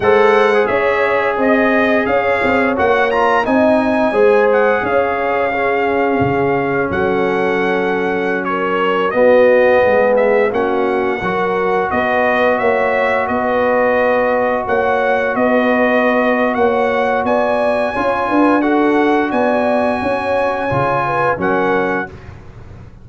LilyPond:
<<
  \new Staff \with { instrumentName = "trumpet" } { \time 4/4 \tempo 4 = 87 fis''4 e''4 dis''4 f''4 | fis''8 ais''8 gis''4. fis''8 f''4~ | f''2 fis''2~ | fis''16 cis''4 dis''4. e''8 fis''8.~ |
fis''4~ fis''16 dis''4 e''4 dis''8.~ | dis''4~ dis''16 fis''4 dis''4.~ dis''16 | fis''4 gis''2 fis''4 | gis''2. fis''4 | }
  \new Staff \with { instrumentName = "horn" } { \time 4/4 c''4 cis''4 dis''4 cis''4~ | cis''4 dis''4 c''4 cis''4 | gis'2 a'2~ | a'16 ais'4 fis'4 gis'4 fis'8.~ |
fis'16 ais'4 b'4 cis''4 b'8.~ | b'4~ b'16 cis''4 b'4.~ b'16 | cis''4 d''4 cis''8 b'8 a'4 | d''4 cis''4. b'8 ais'4 | }
  \new Staff \with { instrumentName = "trombone" } { \time 4/4 a'8. gis'2.~ gis'16 | fis'8 f'8 dis'4 gis'2 | cis'1~ | cis'4~ cis'16 b2 cis'8.~ |
cis'16 fis'2.~ fis'8.~ | fis'1~ | fis'2 f'4 fis'4~ | fis'2 f'4 cis'4 | }
  \new Staff \with { instrumentName = "tuba" } { \time 4/4 gis4 cis'4 c'4 cis'8 c'8 | ais4 c'4 gis4 cis'4~ | cis'4 cis4 fis2~ | fis4~ fis16 b4 gis4 ais8.~ |
ais16 fis4 b4 ais4 b8.~ | b4~ b16 ais4 b4.~ b16 | ais4 b4 cis'8 d'4. | b4 cis'4 cis4 fis4 | }
>>